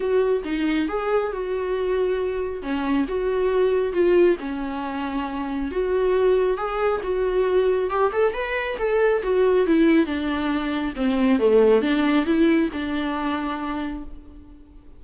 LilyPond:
\new Staff \with { instrumentName = "viola" } { \time 4/4 \tempo 4 = 137 fis'4 dis'4 gis'4 fis'4~ | fis'2 cis'4 fis'4~ | fis'4 f'4 cis'2~ | cis'4 fis'2 gis'4 |
fis'2 g'8 a'8 b'4 | a'4 fis'4 e'4 d'4~ | d'4 c'4 a4 d'4 | e'4 d'2. | }